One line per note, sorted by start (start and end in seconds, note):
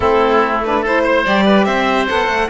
0.00 1.25 A3
0.00 0.61 C4
0.00 0.80 E4
0.00 0.61 A4
0.64 0.85 D4
0.64 0.85 B4
0.81 1.25 E4
0.81 1.02 A4
0.81 1.25 C5
1.03 1.44 C5
1.25 1.66 G3
1.25 2.07 G4
1.25 1.64 D5
1.45 1.66 B4
1.64 2.08 C4
1.64 2.49 C5
1.64 2.06 E5
2.07 2.27 B3
2.07 2.49 A4
2.07 2.49 F#5
2.27 2.48 A3